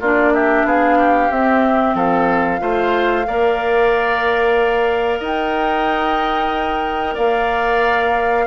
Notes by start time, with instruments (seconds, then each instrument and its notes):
0.00 bassoon A#3, clarinet D4, oboe F4, flute D5
0.34 oboe G4, flute E5
0.64 bassoon B3, oboe G#4, flute F5
0.98 oboe G4
1.30 bassoon C4, clarinet C4, flute E5
1.94 bassoon F3, oboe A4, flute F5
2.59 bassoon A3, clarinet F4, oboe C5
3.27 bassoon A#3, clarinet A#4, oboe D5
5.19 bassoon D#4, oboe D#5, flute G5
7.15 bassoon A#3, oboe D5, flute F5